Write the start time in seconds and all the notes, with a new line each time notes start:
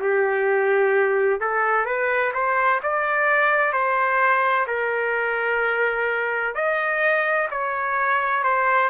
0.00 G4
1.40 A4
1.85 B4
2.34 C5
2.83 D5
3.72 C5
4.67 A#4
6.55 D#5
7.51 C#5
8.43 C5